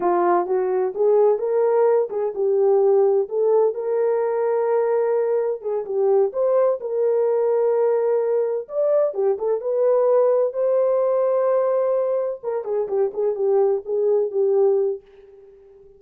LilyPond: \new Staff \with { instrumentName = "horn" } { \time 4/4 \tempo 4 = 128 f'4 fis'4 gis'4 ais'4~ | ais'8 gis'8 g'2 a'4 | ais'1 | gis'8 g'4 c''4 ais'4.~ |
ais'2~ ais'8 d''4 g'8 | a'8 b'2 c''4.~ | c''2~ c''8 ais'8 gis'8 g'8 | gis'8 g'4 gis'4 g'4. | }